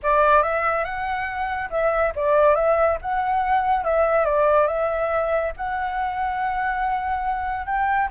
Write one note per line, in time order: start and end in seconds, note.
0.02 0.42 D5
0.42 0.84 E5
0.84 1.69 F#5
1.70 2.12 E5
2.15 2.55 D5
2.55 2.97 E5
3.01 3.84 F#5
3.84 4.25 E5
4.25 4.67 D5
4.67 5.52 E5
5.56 7.65 F#5
7.65 8.08 G5